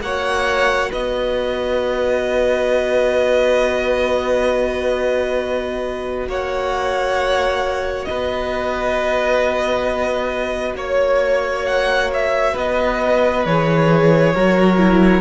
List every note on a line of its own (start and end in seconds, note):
0.00 0.90 A#3
0.00 13.48 F#4
0.00 0.90 C#5
0.00 0.91 F#5
0.90 6.27 B3
0.90 6.27 B4
0.90 6.29 D#5
6.27 8.06 A#3
6.27 8.08 C#5
6.27 8.04 F#5
8.04 10.75 B3
8.04 10.76 B4
8.04 10.73 D#5
10.75 12.54 A#3
10.75 12.53 C#5
10.75 11.65 C#5
11.65 12.10 F#5
12.13 12.57 E5
12.53 13.45 B3
12.53 14.32 B4
12.53 13.45 D#5
13.45 14.35 E3
13.45 14.35 G#4
13.45 15.21 C#5
14.34 15.21 F#3
14.34 14.78 F#4
14.34 15.21 A#4
14.78 15.21 E4